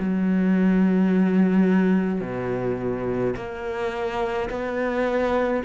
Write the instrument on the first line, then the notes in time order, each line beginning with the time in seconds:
cello
0.00 F#3
2.21 B2
3.36 A#3
4.50 B3